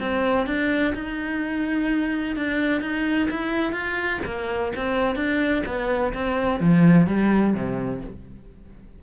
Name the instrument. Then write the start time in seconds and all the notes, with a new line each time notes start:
cello
0.00 C4
0.46 D4
0.95 D#4
2.36 D4
2.81 D#4
3.30 E4
3.73 F4
4.25 A#3
4.76 C4
5.16 D4
5.66 B3
6.14 C4
6.60 F3
7.07 G3
7.54 C3